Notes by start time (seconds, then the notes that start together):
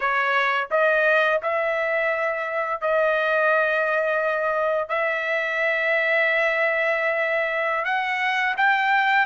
0.00 C#5
0.70 D#5
1.42 E5
2.81 D#5
4.88 E5
7.85 F#5
8.57 G5